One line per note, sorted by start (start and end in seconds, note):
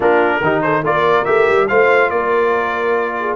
0.00 0.40 A#3
0.00 0.42 D4
0.00 0.40 F4
0.00 0.62 A#4
0.41 0.82 D#3
0.41 0.85 D#4
0.41 0.63 G4
0.62 0.84 A4
0.62 0.83 C5
0.82 1.25 A#3
0.82 1.25 F4
0.82 1.68 A#4
0.82 1.24 D5
1.24 1.48 A3
1.24 1.68 G4
1.24 1.67 E5
1.49 1.70 G3
1.68 2.10 A3
1.68 3.35 F4
1.68 2.11 C5
1.68 2.10 F5
2.10 3.35 A#3
2.10 3.17 A#4
2.10 3.35 D5
3.19 3.35 G#4